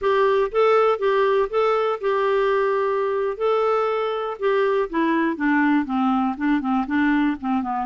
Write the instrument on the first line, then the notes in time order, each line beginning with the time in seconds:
clarinet
0.01 G4
0.51 A4
0.99 G4
1.49 A4
2.00 G4
3.37 A4
4.39 G4
4.89 E4
5.36 D4
5.85 C4
6.37 D4
6.60 C4
6.87 D4
7.40 C4
7.62 B3